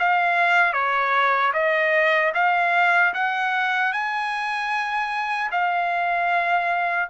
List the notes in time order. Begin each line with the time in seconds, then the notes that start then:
0.00 F5
0.73 C#5
1.54 D#5
2.35 F5
3.14 F#5
3.93 G#5
5.52 F5